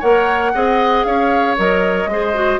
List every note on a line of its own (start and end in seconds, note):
0.00 0.55 A#3
0.00 0.54 A#4
0.00 0.52 C#5
0.00 1.04 F#5
0.54 1.06 C4
0.54 1.58 G#4
0.54 1.07 D#5
1.04 1.57 C#4
1.04 2.10 C#5
1.04 1.56 F5
1.58 2.06 F#3
1.58 2.10 A#4
1.58 2.60 D#5
2.06 2.58 G#3
2.06 2.34 G#4
2.06 2.60 C5
2.34 2.60 F#4